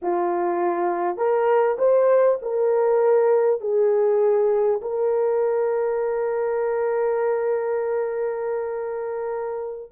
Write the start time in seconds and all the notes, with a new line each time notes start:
0.01 F4
1.17 A#4
1.78 C5
2.42 A#4
3.60 G#4
4.81 A#4